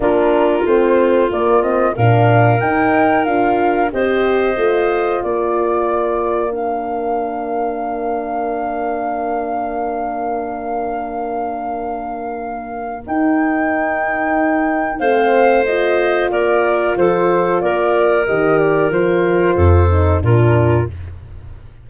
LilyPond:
<<
  \new Staff \with { instrumentName = "flute" } { \time 4/4 \tempo 4 = 92 ais'4 c''4 d''8 dis''8 f''4 | g''4 f''4 dis''2 | d''2 f''2~ | f''1~ |
f''1 | g''2. f''4 | dis''4 d''4 c''4 d''4 | dis''8 d''8 c''2 ais'4 | }
  \new Staff \with { instrumentName = "clarinet" } { \time 4/4 f'2. ais'4~ | ais'2 c''2 | ais'1~ | ais'1~ |
ais'1~ | ais'2. c''4~ | c''4 ais'4 a'4 ais'4~ | ais'2 a'4 f'4 | }
  \new Staff \with { instrumentName = "horn" } { \time 4/4 d'4 c'4 ais8 c'8 d'4 | dis'4 f'4 g'4 f'4~ | f'2 d'2~ | d'1~ |
d'1 | dis'2. c'4 | f'1 | g'4 f'4. dis'8 d'4 | }
  \new Staff \with { instrumentName = "tuba" } { \time 4/4 ais4 a4 ais4 ais,4 | dis'4 d'4 c'4 a4 | ais1~ | ais1~ |
ais1 | dis'2. a4~ | a4 ais4 f4 ais4 | dis4 f4 f,4 ais,4 | }
>>